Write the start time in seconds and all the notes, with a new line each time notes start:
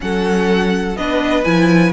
0.00 F#3 C#4 A4 F#5
0.96 B3 D4 B4 D#5
1.44 F3 E4 G#5